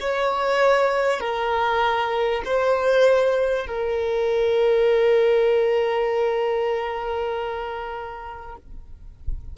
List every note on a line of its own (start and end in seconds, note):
0.00 1.20 C#5
1.20 2.43 A#4
2.45 3.67 C5
3.67 8.56 A#4